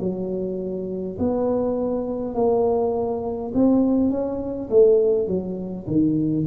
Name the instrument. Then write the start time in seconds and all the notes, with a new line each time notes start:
tuba
0.00 F#3
1.19 B3
2.35 A#3
3.54 C4
4.10 C#4
4.70 A3
5.28 F#3
5.87 D#3